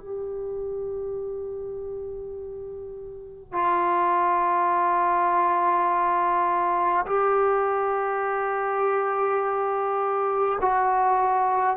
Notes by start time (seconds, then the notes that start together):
0.00 G4
3.53 F4
7.06 G4
10.62 F#4